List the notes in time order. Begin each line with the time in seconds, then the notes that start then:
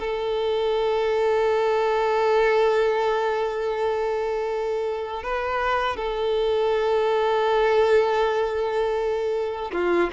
0.00 A4
5.23 B4
5.97 A4
9.73 F4